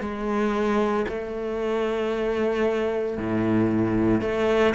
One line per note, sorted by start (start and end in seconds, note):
0.00 1.05 G#3
1.08 3.18 A3
3.18 4.21 A2
4.21 4.74 A3